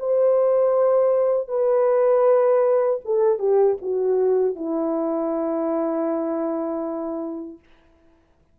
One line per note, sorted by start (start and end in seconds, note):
0.00 1.48 C5
1.48 3.00 B4
3.05 3.39 A4
3.39 3.77 G4
3.82 4.56 F#4
4.56 7.59 E4